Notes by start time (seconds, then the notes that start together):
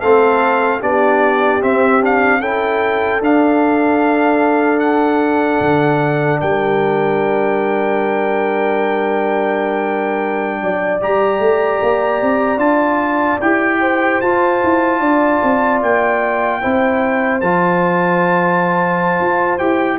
0.00 A3 C4 A4 F5
0.80 B3 D4 G4 D5
1.61 C4 E5
2.01 D4 F5
2.40 C#4 E4 A4 G5
3.20 D4 F5
4.80 F#5
5.61 D3
6.41 G3 A#4 G5
10.62 F#3 D5
11.01 G3 G4 A#5
11.39 A3
11.82 A#3
12.22 C4
12.57 D4 F4 A5
13.41 E4 G4 G5
13.81 C5
14.21 F4 A5
14.64 E4
15.00 D4 D5
15.43 C4
15.82 A#3 G5
16.61 C4 E4 C5
17.41 F3 F4 A5
19.20 F4
19.58 E4 G4 G5